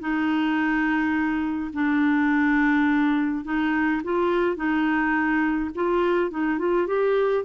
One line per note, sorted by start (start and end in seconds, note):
0.00 1.71 D#4
1.74 3.45 D4
3.45 4.02 D#4
4.04 4.56 F4
4.56 5.70 D#4
5.75 6.31 F4
6.31 6.59 D#4
6.59 6.87 F4
6.87 7.44 G4